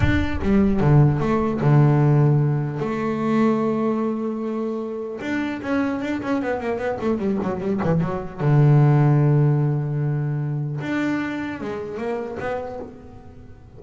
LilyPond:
\new Staff \with { instrumentName = "double bass" } { \time 4/4 \tempo 4 = 150 d'4 g4 d4 a4 | d2. a4~ | a1~ | a4 d'4 cis'4 d'8 cis'8 |
b8 ais8 b8 a8 g8 fis8 g8 e8 | fis4 d2.~ | d2. d'4~ | d'4 gis4 ais4 b4 | }